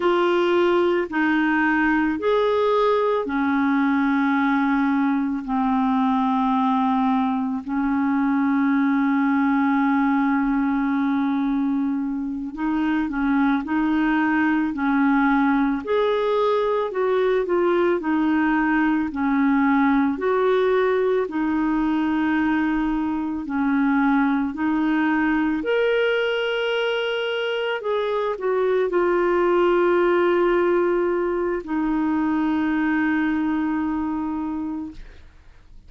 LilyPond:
\new Staff \with { instrumentName = "clarinet" } { \time 4/4 \tempo 4 = 55 f'4 dis'4 gis'4 cis'4~ | cis'4 c'2 cis'4~ | cis'2.~ cis'8 dis'8 | cis'8 dis'4 cis'4 gis'4 fis'8 |
f'8 dis'4 cis'4 fis'4 dis'8~ | dis'4. cis'4 dis'4 ais'8~ | ais'4. gis'8 fis'8 f'4.~ | f'4 dis'2. | }